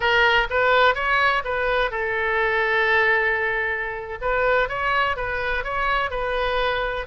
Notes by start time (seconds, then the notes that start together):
0.00 A#4
0.50 B4
0.94 C#5
1.44 B4
1.90 A4
4.21 B4
4.68 C#5
5.16 B4
5.64 C#5
6.10 B4